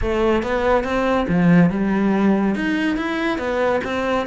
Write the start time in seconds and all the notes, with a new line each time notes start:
0.01 A3
0.43 B3
0.84 C4
1.28 F3
1.70 G3
2.55 D#4
2.97 E4
3.38 B3
3.84 C4